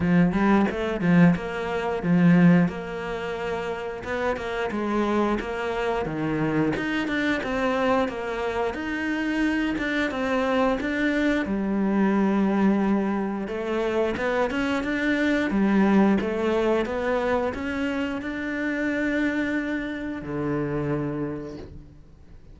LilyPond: \new Staff \with { instrumentName = "cello" } { \time 4/4 \tempo 4 = 89 f8 g8 a8 f8 ais4 f4 | ais2 b8 ais8 gis4 | ais4 dis4 dis'8 d'8 c'4 | ais4 dis'4. d'8 c'4 |
d'4 g2. | a4 b8 cis'8 d'4 g4 | a4 b4 cis'4 d'4~ | d'2 d2 | }